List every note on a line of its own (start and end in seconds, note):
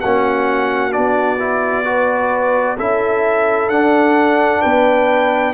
0.00 0.96 A#3
0.00 0.91 C#4
0.00 1.86 F#4
0.00 0.92 F#5
0.91 2.79 B3
0.91 1.37 D4
0.91 2.77 D5
1.40 1.85 E4
1.85 2.77 F#4
1.85 2.77 B4
2.77 3.68 C#4
2.77 3.71 E4
2.77 4.62 A4
2.77 3.69 E5
3.68 4.61 D4
3.68 5.53 D4
3.68 4.62 F#5
4.62 5.53 B3
4.62 5.53 B4
4.62 5.53 G5